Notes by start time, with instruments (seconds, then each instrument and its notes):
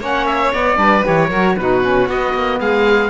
0.00 cello A#3, saxophone C#4, violin C#5, oboe F#5
0.26 oboe E5
0.53 saxophone B3, cello B3, oboe D5
0.76 cello G3, saxophone D4, violin B4
1.02 cello E3, saxophone G4, oboe C#5
1.30 cello F#3, saxophone F#4, violin A#4
1.57 cello B2, saxophone D#4, violin F#4, oboe B4
1.82 saxophone C#4
2.07 cello B3, saxophone B3, oboe D#5
2.34 cello A#3
2.60 cello G#3, violin G#4, oboe F5